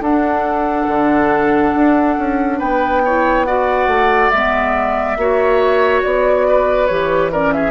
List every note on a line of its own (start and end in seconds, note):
0.00 0.86 D4
0.00 2.59 A4
0.00 2.59 F#5
0.07 3.07 D4
0.88 1.73 D3
1.74 2.17 D4
2.18 2.61 C#4
2.59 3.88 B3
2.59 3.01 B4
2.59 3.44 G5
3.05 3.46 E4
3.05 3.47 C#5
3.44 4.32 F#4
3.44 5.18 D5
3.44 4.30 F#5
3.88 4.31 A3
4.30 5.17 G#3
4.30 5.19 B3
4.30 6.02 E5
5.17 6.03 A#3
5.17 6.89 F#4
5.17 6.47 C#5
6.03 6.90 B3
6.03 6.87 D5
6.47 7.32 B4
6.87 7.71 E3
6.87 7.32 G4
6.87 7.30 C#5
7.32 7.71 C#4
7.32 7.53 A#4
7.32 7.53 D5
7.53 7.71 G#4
7.53 7.71 E5